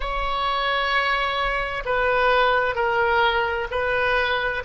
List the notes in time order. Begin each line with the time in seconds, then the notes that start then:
0.00 C#5
1.85 B4
2.75 A#4
3.70 B4